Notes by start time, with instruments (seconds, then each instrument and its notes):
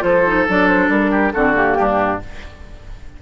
0.00 bassoon F3, clarinet F4, oboe A4, flute C5
0.27 clarinet D#4
0.49 bassoon F#3, clarinet D4, flute D5
0.68 flute C5
0.89 bassoon G3, flute A#4
1.11 oboe G4
1.32 bassoon D3, clarinet C4, oboe F#4, flute A4
1.55 clarinet A#3, flute G4
1.79 bassoon G2, oboe D4